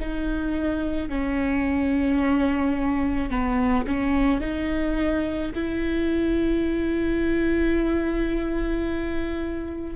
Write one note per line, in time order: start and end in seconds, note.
0.00 1.09 D#4
1.09 3.30 C#4
3.30 3.86 B3
3.87 4.40 C#4
4.40 5.52 D#4
5.55 9.96 E4